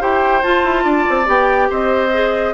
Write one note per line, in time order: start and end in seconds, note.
0.00 0.44 E4
0.00 0.42 G4
0.00 0.84 C5
0.00 0.44 G5
0.44 1.26 F4
0.44 0.64 F4
0.44 1.28 A5
0.64 0.85 E4
0.84 1.06 D4
0.84 1.69 D5
1.10 1.28 C4
1.26 1.70 B3
1.26 2.10 G4
1.26 1.72 G5
1.70 2.54 C4
1.70 2.54 C5
1.70 2.54 D#5
2.13 2.54 G#4